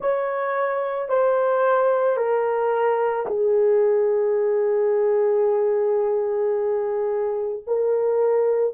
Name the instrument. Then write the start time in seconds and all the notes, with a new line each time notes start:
horn
0.00 C#5
1.09 C5
2.16 A#4
3.26 G#4
7.67 A#4